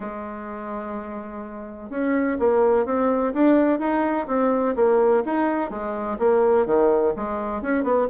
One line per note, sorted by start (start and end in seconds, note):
0.00 1.90 G#3
1.90 2.37 C#4
2.39 2.85 A#3
2.85 3.33 C4
3.33 3.79 D4
3.79 4.27 D#4
4.27 4.75 C4
4.75 5.23 A#3
5.25 5.70 D#4
5.70 6.17 G#3
6.18 6.66 A#3
6.66 7.13 D#3
7.16 7.61 G#3
7.61 7.83 C#4
7.83 8.07 B3